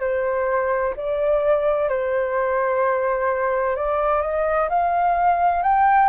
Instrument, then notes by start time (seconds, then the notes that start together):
flute
0.00 C5
0.96 D5
1.89 C5
3.76 D5
4.22 D#5
4.69 F5
5.62 G5